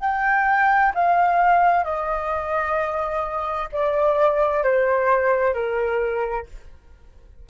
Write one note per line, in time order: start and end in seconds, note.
0.00 0.92 G5
0.94 1.84 F5
1.84 3.68 D#5
3.72 4.63 D5
4.63 5.54 C5
5.54 6.46 A#4